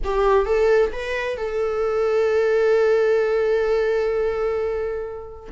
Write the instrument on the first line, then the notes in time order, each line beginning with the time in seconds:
viola
0.04 G4
0.45 A4
0.92 B4
1.37 A4